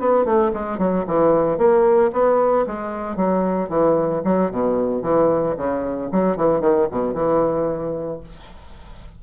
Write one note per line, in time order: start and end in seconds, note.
0.00 0.25 B3
0.25 0.52 A3
0.54 0.78 G#3
0.78 1.05 F#3
1.07 1.58 E3
1.58 2.11 A#3
2.13 2.66 B3
2.67 3.17 G#3
3.17 3.70 F#3
3.70 4.23 E3
4.25 4.51 F#3
4.52 5.03 B2
5.03 5.56 E3
5.58 6.11 C#3
6.12 6.37 F#3
6.37 6.61 E3
6.61 6.88 D#3
6.91 7.14 B2
7.14 8.21 E3